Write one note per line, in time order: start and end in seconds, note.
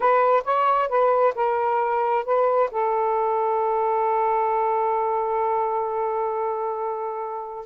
0.00 0.43 B4
0.44 0.89 C#5
0.89 1.34 B4
1.35 2.24 A#4
2.24 2.69 B4
2.71 7.66 A4